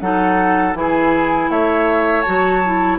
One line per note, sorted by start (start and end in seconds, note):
0.00 0.74 F#3
0.00 0.74 D#4
0.00 0.78 A4
0.00 0.75 F#5
0.74 1.49 E3
0.74 2.24 E4
0.74 1.51 G#4
0.74 1.50 G#5
1.50 2.25 A3
1.50 2.99 C#5
1.50 2.22 E5
2.22 2.63 F#4
2.22 2.97 A5
2.28 2.99 F#3
2.65 2.99 E4